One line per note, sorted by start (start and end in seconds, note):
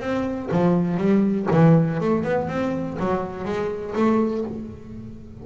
0.00 0.49 C4
0.52 0.97 F3
0.97 1.47 G3
1.51 2.00 E3
2.01 2.24 A3
2.24 2.48 B3
2.48 2.97 C4
2.99 3.45 F#3
3.45 3.94 G#3
3.95 4.44 A3